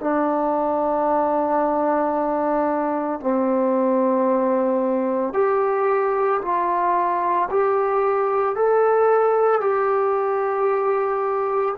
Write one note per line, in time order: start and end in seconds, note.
0.00 3.20 D4
3.20 5.34 C4
5.34 6.41 G4
6.41 7.49 F4
7.50 8.56 G4
8.56 9.61 A4
9.61 11.75 G4